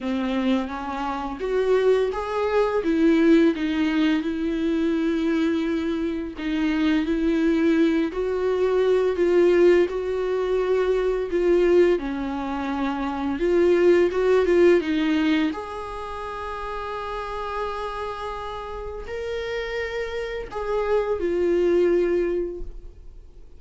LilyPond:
\new Staff \with { instrumentName = "viola" } { \time 4/4 \tempo 4 = 85 c'4 cis'4 fis'4 gis'4 | e'4 dis'4 e'2~ | e'4 dis'4 e'4. fis'8~ | fis'4 f'4 fis'2 |
f'4 cis'2 f'4 | fis'8 f'8 dis'4 gis'2~ | gis'2. ais'4~ | ais'4 gis'4 f'2 | }